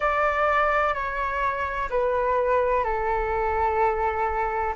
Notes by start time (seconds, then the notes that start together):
0.00 D5
0.94 C#5
1.90 B4
2.84 A4